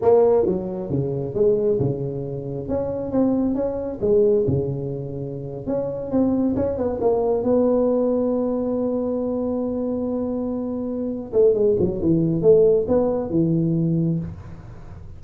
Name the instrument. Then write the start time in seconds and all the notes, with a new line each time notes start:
tuba
0.01 A#3
0.46 F#3
0.90 C#3
1.34 G#3
1.79 C#3
2.68 C#4
3.11 C4
3.55 C#4
4.01 G#3
4.47 C#3
5.67 C#4
6.11 C4
6.56 C#4
6.77 B3
7.00 A#3
7.43 B3
11.32 A3
11.54 G#3
11.79 F#3
12.01 E3
12.41 A3
12.88 B3
13.30 E3